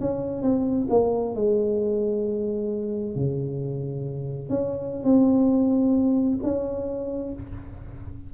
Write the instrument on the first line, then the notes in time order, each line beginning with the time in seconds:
tuba
0.00 C#4
0.42 C4
0.90 A#3
1.35 G#3
3.15 C#3
4.49 C#4
5.04 C4
6.43 C#4